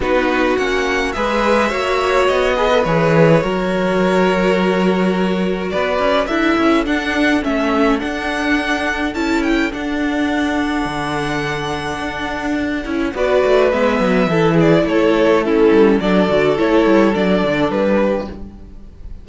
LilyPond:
<<
  \new Staff \with { instrumentName = "violin" } { \time 4/4 \tempo 4 = 105 b'4 fis''4 e''2 | dis''4 cis''2.~ | cis''2 d''4 e''4 | fis''4 e''4 fis''2 |
a''8 g''8 fis''2.~ | fis''2. d''4 | e''4. d''8 cis''4 a'4 | d''4 cis''4 d''4 b'4 | }
  \new Staff \with { instrumentName = "violin" } { \time 4/4 fis'2 b'4 cis''4~ | cis''8 b'4. ais'2~ | ais'2 b'4 a'4~ | a'1~ |
a'1~ | a'2. b'4~ | b'4 a'8 gis'8 a'4 e'4 | a'2.~ a'8 g'8 | }
  \new Staff \with { instrumentName = "viola" } { \time 4/4 dis'4 cis'4 gis'4 fis'4~ | fis'8 gis'16 a'16 gis'4 fis'2~ | fis'2. e'4 | d'4 cis'4 d'2 |
e'4 d'2.~ | d'2~ d'8 e'8 fis'4 | b4 e'2 cis'4 | d'8 fis'8 e'4 d'2 | }
  \new Staff \with { instrumentName = "cello" } { \time 4/4 b4 ais4 gis4 ais4 | b4 e4 fis2~ | fis2 b8 cis'8 d'8 cis'8 | d'4 a4 d'2 |
cis'4 d'2 d4~ | d4 d'4. cis'8 b8 a8 | gis8 fis8 e4 a4. g8 | fis8 d8 a8 g8 fis8 d8 g4 | }
>>